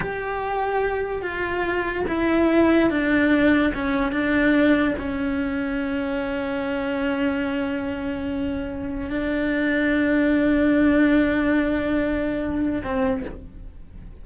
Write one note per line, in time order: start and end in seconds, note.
0.00 1.22 G4
1.22 2.05 F4
2.07 2.89 E4
2.89 3.72 D4
3.74 4.12 C#4
4.12 4.94 D4
4.98 9.10 C#4
9.10 12.82 D4
12.83 13.25 C4